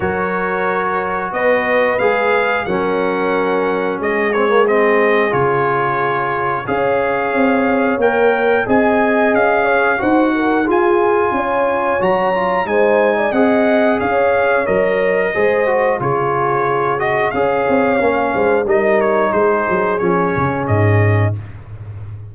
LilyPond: <<
  \new Staff \with { instrumentName = "trumpet" } { \time 4/4 \tempo 4 = 90 cis''2 dis''4 f''4 | fis''2 dis''8 cis''8 dis''4 | cis''2 f''2 | g''4 gis''4 f''4 fis''4 |
gis''2 ais''4 gis''4 | fis''4 f''4 dis''2 | cis''4. dis''8 f''2 | dis''8 cis''8 c''4 cis''4 dis''4 | }
  \new Staff \with { instrumentName = "horn" } { \time 4/4 ais'2 b'2 | ais'2 gis'2~ | gis'2 cis''2~ | cis''4 dis''4. cis''8 c''8 ais'8 |
gis'4 cis''2 c''8. d''16 | dis''4 cis''2 c''4 | gis'2 cis''4. c''8 | ais'4 gis'2. | }
  \new Staff \with { instrumentName = "trombone" } { \time 4/4 fis'2. gis'4 | cis'2~ cis'8 c'16 ais16 c'4 | f'2 gis'2 | ais'4 gis'2 fis'4 |
f'2 fis'8 f'8 dis'4 | gis'2 ais'4 gis'8 fis'8 | f'4. fis'8 gis'4 cis'4 | dis'2 cis'2 | }
  \new Staff \with { instrumentName = "tuba" } { \time 4/4 fis2 b4 gis4 | fis2 gis2 | cis2 cis'4 c'4 | ais4 c'4 cis'4 dis'4 |
f'4 cis'4 fis4 gis4 | c'4 cis'4 fis4 gis4 | cis2 cis'8 c'8 ais8 gis8 | g4 gis8 fis8 f8 cis8 gis,4 | }
>>